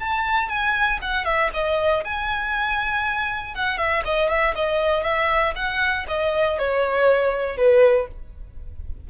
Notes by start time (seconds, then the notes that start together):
0.00 A5
0.49 G#5
1.02 F#5
1.25 E5
1.54 D#5
2.05 G#5
3.55 F#5
3.78 E5
4.05 D#5
4.30 E5
4.55 D#5
5.04 E5
5.56 F#5
6.08 D#5
6.59 C#5
7.57 B4